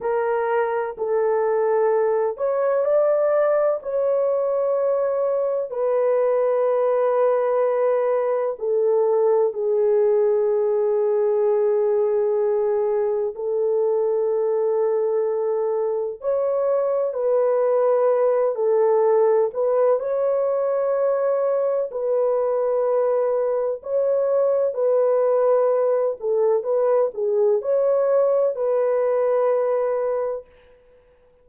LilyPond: \new Staff \with { instrumentName = "horn" } { \time 4/4 \tempo 4 = 63 ais'4 a'4. cis''8 d''4 | cis''2 b'2~ | b'4 a'4 gis'2~ | gis'2 a'2~ |
a'4 cis''4 b'4. a'8~ | a'8 b'8 cis''2 b'4~ | b'4 cis''4 b'4. a'8 | b'8 gis'8 cis''4 b'2 | }